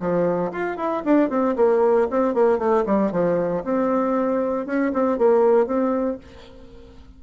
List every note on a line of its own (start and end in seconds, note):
0.00 0.52 F3
0.52 0.77 F4
0.77 1.03 E4
1.05 1.30 D4
1.30 1.55 C4
1.56 2.08 A#3
2.10 2.34 C4
2.34 2.58 A#3
2.58 2.84 A3
2.86 3.12 G3
3.12 3.63 F3
3.64 4.66 C4
4.66 4.92 C#4
4.93 5.18 C4
5.18 5.66 A#3
5.66 6.18 C4